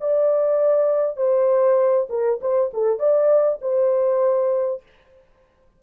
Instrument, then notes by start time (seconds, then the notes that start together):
horn
0.00 D5
1.16 C5
2.09 A#4
2.41 C5
2.73 A4
2.99 D5
3.61 C5